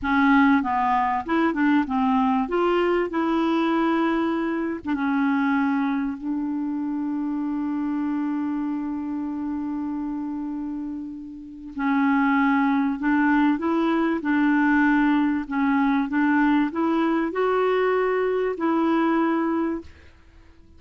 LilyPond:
\new Staff \with { instrumentName = "clarinet" } { \time 4/4 \tempo 4 = 97 cis'4 b4 e'8 d'8 c'4 | f'4 e'2~ e'8. d'16 | cis'2 d'2~ | d'1~ |
d'2. cis'4~ | cis'4 d'4 e'4 d'4~ | d'4 cis'4 d'4 e'4 | fis'2 e'2 | }